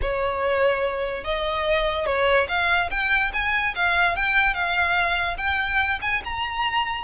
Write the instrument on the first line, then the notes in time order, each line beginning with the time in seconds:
violin
0.01 C#5
1.23 D#5
2.06 C#5
2.48 F5
2.90 G5
3.33 G#5
3.75 F5
4.15 G5
4.54 F5
5.37 G5
6.01 G#5
6.24 A#5